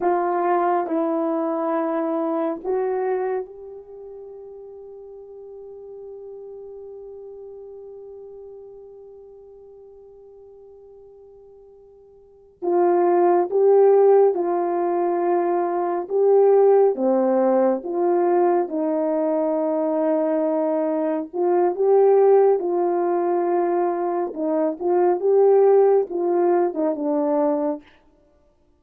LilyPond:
\new Staff \with { instrumentName = "horn" } { \time 4/4 \tempo 4 = 69 f'4 e'2 fis'4 | g'1~ | g'1~ | g'2~ g'8 f'4 g'8~ |
g'8 f'2 g'4 c'8~ | c'8 f'4 dis'2~ dis'8~ | dis'8 f'8 g'4 f'2 | dis'8 f'8 g'4 f'8. dis'16 d'4 | }